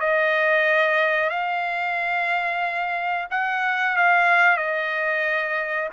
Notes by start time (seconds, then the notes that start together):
0.00 D#5
1.29 F5
3.30 F#5
3.96 F5
4.57 D#5